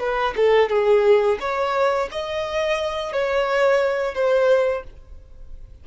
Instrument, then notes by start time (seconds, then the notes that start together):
violin
0.00 B4
0.36 A4
0.70 G#4
1.40 C#5
2.12 D#5
3.13 C#5
4.15 C5